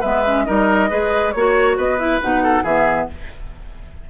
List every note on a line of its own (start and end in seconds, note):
0.00 0.47 G#3
0.00 0.24 B3
0.00 0.44 B4
0.00 0.44 E5
0.26 0.46 C#4
0.44 0.91 G3
0.44 0.89 D#4
0.44 0.90 A#4
0.44 1.32 D#5
0.89 1.35 G#3
0.89 1.33 G#4
0.89 1.33 B4
1.32 1.77 A#3
1.32 1.98 F#4
1.32 1.76 C#5
1.32 1.77 C#5
1.77 2.21 B3
1.77 2.43 B4
1.77 1.98 D#5
1.98 2.20 E4
1.98 2.20 E5
2.21 2.63 B2
2.21 2.65 D#4
2.21 2.65 F#5
2.43 2.63 A4
2.63 3.07 E3
2.63 3.10 B3
2.63 3.07 G#4
2.63 3.09 E5